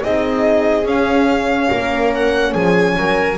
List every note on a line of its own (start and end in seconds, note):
0.00 0.85 C4
0.00 0.85 D#4
0.00 1.68 G#4
0.00 0.87 D#5
0.85 1.69 C#4
0.85 3.38 C#4
0.85 2.14 F5
1.68 2.54 A#3
1.68 2.51 A#4
2.14 2.54 F#5
2.51 2.96 F3
2.51 2.93 G#4
2.51 3.38 G#5
2.97 3.38 F#3
2.97 3.38 A#4